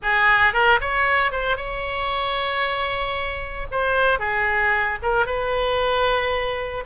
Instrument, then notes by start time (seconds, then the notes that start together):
oboe
0.02 G#4
0.53 A#4
0.80 C#5
1.31 C5
1.56 C#5
3.71 C5
4.19 G#4
5.02 A#4
5.26 B4